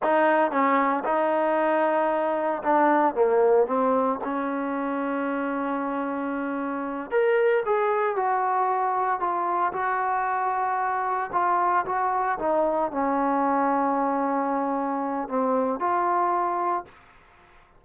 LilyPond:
\new Staff \with { instrumentName = "trombone" } { \time 4/4 \tempo 4 = 114 dis'4 cis'4 dis'2~ | dis'4 d'4 ais4 c'4 | cis'1~ | cis'4. ais'4 gis'4 fis'8~ |
fis'4. f'4 fis'4.~ | fis'4. f'4 fis'4 dis'8~ | dis'8 cis'2.~ cis'8~ | cis'4 c'4 f'2 | }